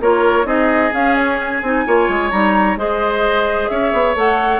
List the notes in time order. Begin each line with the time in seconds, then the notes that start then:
0.00 A#3 F4 A#4 C#5
0.44 C4 D#4 G#4 D#5
0.93 C#4 F5
1.15 C#5
1.41 G#5
1.62 C4 D#4
1.86 A#3 F4 C#5
2.08 G#3
2.30 G3 D#4 A#5
2.76 G#3 G#4 C5 D#5
3.68 C#4 C#5 E5
3.92 B3
4.15 A3 A4 F#5